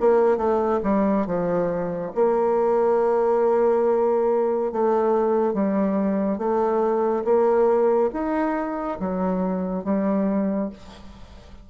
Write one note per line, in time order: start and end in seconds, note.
0.00 0.37 A#3
0.37 0.80 A3
0.83 1.26 G3
1.26 2.12 F3
2.15 4.72 A#3
4.72 5.54 A3
5.54 6.38 G3
6.38 7.24 A3
7.24 8.10 A#3
8.13 8.98 D#4
9.00 9.84 F#3
9.84 10.69 G3